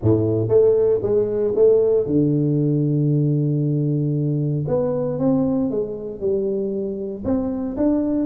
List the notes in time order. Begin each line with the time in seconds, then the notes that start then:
0.01 A2
0.48 A3
1.02 G#3
1.55 A3
2.06 D3
4.67 B3
5.18 C4
5.70 G#3
6.20 G3
7.24 C4
7.76 D4